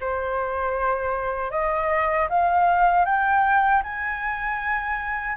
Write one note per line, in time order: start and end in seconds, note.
0.00 1.51 C5
1.51 2.28 D#5
2.29 3.05 F5
3.05 3.82 G5
3.83 5.36 G#5